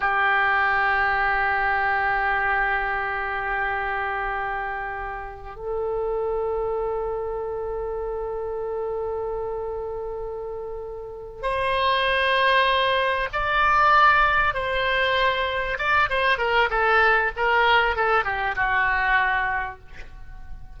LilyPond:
\new Staff \with { instrumentName = "oboe" } { \time 4/4 \tempo 4 = 97 g'1~ | g'1~ | g'4 a'2.~ | a'1~ |
a'2~ a'8 c''4.~ | c''4. d''2 c''8~ | c''4. d''8 c''8 ais'8 a'4 | ais'4 a'8 g'8 fis'2 | }